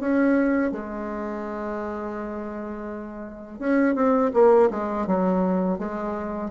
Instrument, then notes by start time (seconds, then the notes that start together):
bassoon
0.00 C#4
0.72 G#3
3.59 C#4
3.95 C4
4.33 A#3
4.70 G#3
5.06 F#3
5.78 G#3